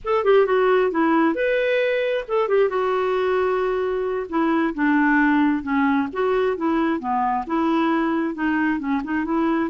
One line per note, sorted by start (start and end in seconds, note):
0.04 0.24 A4
0.24 0.46 G4
0.46 0.91 F#4
0.91 1.34 E4
1.34 2.24 B4
2.28 2.48 A4
2.48 2.69 G4
2.69 4.27 F#4
4.29 4.74 E4
4.74 5.62 D4
5.62 6.08 C#4
6.12 6.56 F#4
6.56 6.99 E4
6.99 7.44 B3
7.46 8.34 E4
8.34 8.79 D#4
8.79 9.01 C#4
9.03 9.24 D#4
9.24 9.70 E4